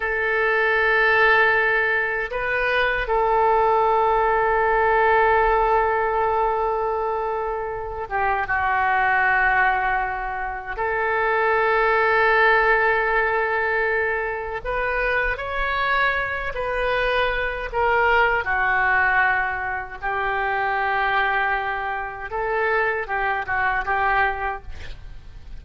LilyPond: \new Staff \with { instrumentName = "oboe" } { \time 4/4 \tempo 4 = 78 a'2. b'4 | a'1~ | a'2~ a'8 g'8 fis'4~ | fis'2 a'2~ |
a'2. b'4 | cis''4. b'4. ais'4 | fis'2 g'2~ | g'4 a'4 g'8 fis'8 g'4 | }